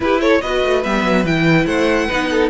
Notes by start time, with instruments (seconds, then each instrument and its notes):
0.00 cello E4, viola E4, violin G4 B4
0.20 violin A4 C#5
0.41 cello B3, viola F#4, violin B4 D#5
0.64 cello A3
0.83 cello G3, viola B3, violin E5
1.03 cello F#3
1.24 cello E3, viola E4, violin G5
1.65 cello A3, violin C5 F#5
2.06 cello B3, viola D#4, violin B4
2.30 violin A4